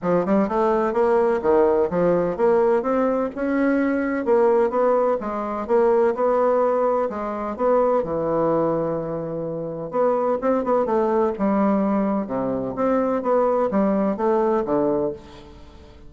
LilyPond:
\new Staff \with { instrumentName = "bassoon" } { \time 4/4 \tempo 4 = 127 f8 g8 a4 ais4 dis4 | f4 ais4 c'4 cis'4~ | cis'4 ais4 b4 gis4 | ais4 b2 gis4 |
b4 e2.~ | e4 b4 c'8 b8 a4 | g2 c4 c'4 | b4 g4 a4 d4 | }